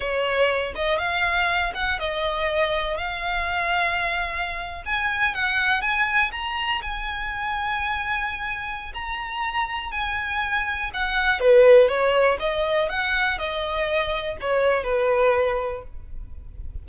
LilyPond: \new Staff \with { instrumentName = "violin" } { \time 4/4 \tempo 4 = 121 cis''4. dis''8 f''4. fis''8 | dis''2 f''2~ | f''4.~ f''16 gis''4 fis''4 gis''16~ | gis''8. ais''4 gis''2~ gis''16~ |
gis''2 ais''2 | gis''2 fis''4 b'4 | cis''4 dis''4 fis''4 dis''4~ | dis''4 cis''4 b'2 | }